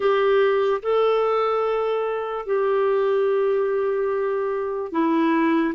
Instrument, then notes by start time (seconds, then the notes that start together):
clarinet
0.00 G4
0.82 A4
2.46 G4
4.92 E4